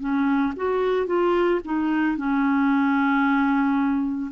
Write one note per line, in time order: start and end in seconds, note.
0.00 0.54 C#4
0.56 1.07 F#4
1.07 1.61 F4
1.65 2.18 D#4
2.18 4.32 C#4